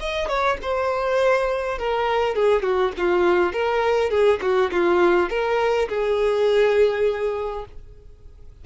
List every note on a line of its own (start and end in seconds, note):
0.00 0.28 D#5
0.28 0.58 C#5
0.62 1.79 C5
1.79 2.35 A#4
2.35 2.63 G#4
2.63 2.92 F#4
2.98 3.53 F4
3.53 4.10 A#4
4.10 4.40 G#4
4.42 4.71 F#4
4.72 5.30 F4
5.30 5.89 A#4
5.89 7.66 G#4